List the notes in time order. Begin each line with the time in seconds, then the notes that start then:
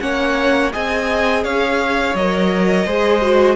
0.00 A#3 C#4 C#5 F#5
0.73 C4 G#4 D#5 G#5
1.44 C#4 C#5 F5
2.15 F#3 A#4 D#5
2.86 G#3 G#4 C5
3.23 F#4